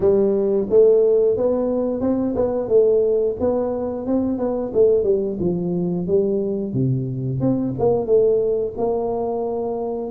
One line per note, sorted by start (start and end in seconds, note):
0.00 0.67 G3
0.69 1.36 A3
1.36 2.00 B3
2.00 2.34 C4
2.35 2.68 B3
2.68 3.36 A3
3.40 4.06 B3
4.06 4.38 C4
4.38 4.72 B3
4.73 5.03 A3
5.03 5.37 G3
5.39 6.07 F3
6.07 6.73 G3
6.73 7.40 C3
7.40 7.74 C4
7.79 8.06 A#3
8.06 8.73 A3
8.77 10.11 A#3